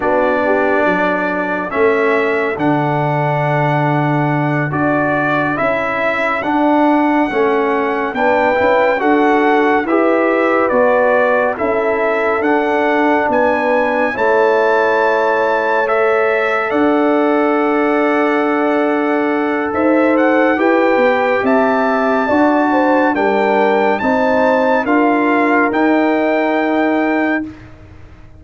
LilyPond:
<<
  \new Staff \with { instrumentName = "trumpet" } { \time 4/4 \tempo 4 = 70 d''2 e''4 fis''4~ | fis''4. d''4 e''4 fis''8~ | fis''4. g''4 fis''4 e''8~ | e''8 d''4 e''4 fis''4 gis''8~ |
gis''8 a''2 e''4 fis''8~ | fis''2. e''8 fis''8 | g''4 a''2 g''4 | a''4 f''4 g''2 | }
  \new Staff \with { instrumentName = "horn" } { \time 4/4 fis'8 g'8 a'2.~ | a'1~ | a'4. b'4 a'4 b'8~ | b'4. a'2 b'8~ |
b'8 cis''2. d''8~ | d''2. c''4 | b'4 e''4 d''8 c''8 ais'4 | c''4 ais'2. | }
  \new Staff \with { instrumentName = "trombone" } { \time 4/4 d'2 cis'4 d'4~ | d'4. fis'4 e'4 d'8~ | d'8 cis'4 d'8 e'8 fis'4 g'8~ | g'8 fis'4 e'4 d'4.~ |
d'8 e'2 a'4.~ | a'1 | g'2 fis'4 d'4 | dis'4 f'4 dis'2 | }
  \new Staff \with { instrumentName = "tuba" } { \time 4/4 b4 fis4 a4 d4~ | d4. d'4 cis'4 d'8~ | d'8 a4 b8 cis'8 d'4 e'8~ | e'8 b4 cis'4 d'4 b8~ |
b8 a2. d'8~ | d'2. dis'4 | e'8 b8 c'4 d'4 g4 | c'4 d'4 dis'2 | }
>>